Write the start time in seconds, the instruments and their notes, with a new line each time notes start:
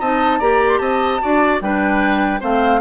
0.00 bassoon C4, clarinet D#4, oboe D#5, flute A5
0.39 bassoon A#3, clarinet G4, oboe D5, flute A#5
0.68 flute C6
0.78 bassoon C4, oboe D#5, flute A5
1.21 bassoon D4, clarinet F#4, oboe D5
1.61 bassoon G3, clarinet D4, oboe B4, flute G5
2.40 bassoon A3, clarinet C4, oboe C5, flute F5